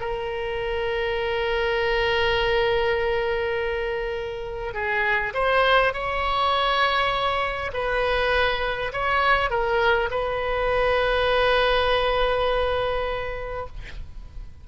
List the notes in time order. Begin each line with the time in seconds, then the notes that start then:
0.00 A#4
4.74 G#4
5.34 C5
5.93 C#5
7.73 B4
8.92 C#5
9.50 A#4
10.11 B4